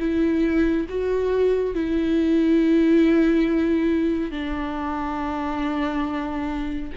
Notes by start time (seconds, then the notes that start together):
0.00 E4
0.90 F#4
1.75 E4
4.31 D4